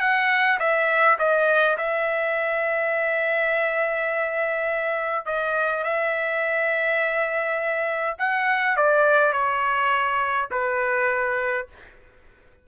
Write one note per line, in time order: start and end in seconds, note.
0.00 0.58 F#5
0.59 1.17 E5
1.18 1.77 D#5
1.77 5.25 E5
5.25 5.84 D#5
5.84 8.17 E5
8.18 8.76 F#5
8.76 9.32 D5
9.32 10.49 C#5
10.51 11.67 B4